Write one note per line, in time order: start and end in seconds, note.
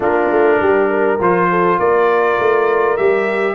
0.00 0.28 A#3
0.00 1.19 D4
0.00 0.59 F4
0.00 1.20 A#4
0.30 0.59 A3
0.59 1.19 G3
0.59 0.89 G4
0.89 1.49 A#4
1.19 1.78 F3
1.19 2.98 F4
1.19 1.79 C5
1.50 1.79 A4
1.79 2.38 A#3
1.79 3.54 A#4
1.79 2.96 D5
2.38 2.98 A3
2.96 3.54 G3
2.96 3.54 G4
2.96 3.54 E5